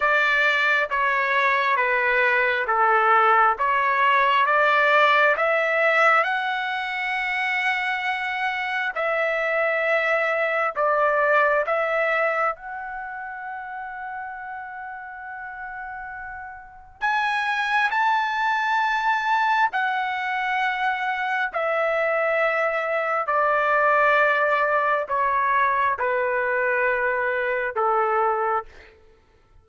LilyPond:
\new Staff \with { instrumentName = "trumpet" } { \time 4/4 \tempo 4 = 67 d''4 cis''4 b'4 a'4 | cis''4 d''4 e''4 fis''4~ | fis''2 e''2 | d''4 e''4 fis''2~ |
fis''2. gis''4 | a''2 fis''2 | e''2 d''2 | cis''4 b'2 a'4 | }